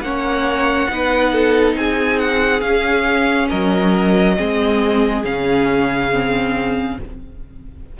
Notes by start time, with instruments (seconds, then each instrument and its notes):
0.00 cello A#3, viola C#4, violin C#5 F#5
0.89 cello B3, viola D#4, violin B4
1.32 violin A4
1.75 cello C4, violin G#4 G#5
2.19 violin F#5
2.61 cello C#4, viola C#4, violin F5
3.49 cello F#3, violin A#4 D#5
4.36 cello G#3, viola C4, violin G#4
5.24 cello C#3, viola C#4, violin F5
6.12 viola C4